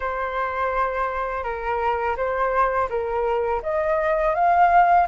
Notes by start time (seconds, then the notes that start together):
0.00 C5
1.43 A#4
2.16 C5
2.89 A#4
3.62 D#5
4.34 F5